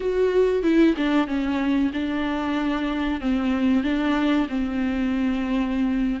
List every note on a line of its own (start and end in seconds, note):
0.00 0.62 F#4
0.62 0.94 E4
0.96 1.27 D4
1.27 1.91 C#4
1.93 3.20 D4
3.20 3.83 C4
3.83 4.47 D4
4.49 6.20 C4